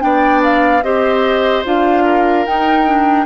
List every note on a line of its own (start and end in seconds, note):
0.00 0.83 B3
0.00 0.81 D4
0.00 0.84 D5
0.00 0.42 G5
0.43 0.83 F5
0.83 1.64 C4
0.83 1.65 G4
0.83 2.04 C5
0.83 1.64 D#5
1.65 2.46 D4
1.65 2.46 F4
1.65 2.45 F5
2.04 3.25 A#4
2.45 2.86 D#4
2.45 3.26 D#4
2.45 3.26 G5
2.86 3.26 D4